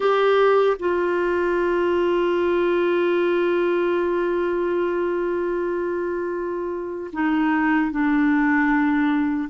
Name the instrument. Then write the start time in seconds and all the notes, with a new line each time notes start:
clarinet
0.00 G4
0.79 F4
7.12 D#4
7.91 D4